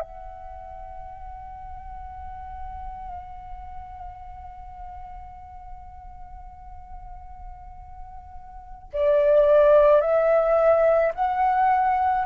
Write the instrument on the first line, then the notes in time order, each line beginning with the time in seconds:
flute
0.00 F#5
8.93 D5
10.01 E5
11.15 F#5